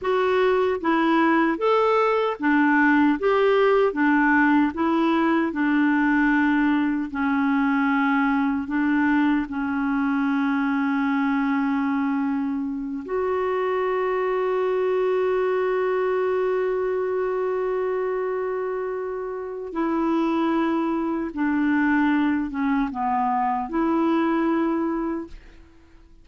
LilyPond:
\new Staff \with { instrumentName = "clarinet" } { \time 4/4 \tempo 4 = 76 fis'4 e'4 a'4 d'4 | g'4 d'4 e'4 d'4~ | d'4 cis'2 d'4 | cis'1~ |
cis'8 fis'2.~ fis'8~ | fis'1~ | fis'4 e'2 d'4~ | d'8 cis'8 b4 e'2 | }